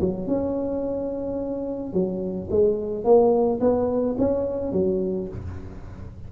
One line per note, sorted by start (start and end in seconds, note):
0.00 0.27 F#3
0.27 1.93 C#4
1.93 2.48 F#3
2.50 3.04 G#3
3.04 3.59 A#3
3.60 4.16 B3
4.18 4.72 C#4
4.72 5.28 F#3